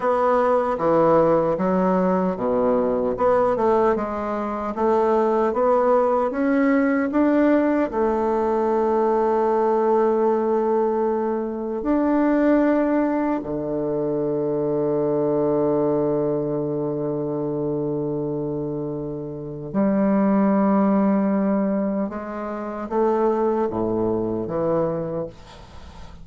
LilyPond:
\new Staff \with { instrumentName = "bassoon" } { \time 4/4 \tempo 4 = 76 b4 e4 fis4 b,4 | b8 a8 gis4 a4 b4 | cis'4 d'4 a2~ | a2. d'4~ |
d'4 d2.~ | d1~ | d4 g2. | gis4 a4 a,4 e4 | }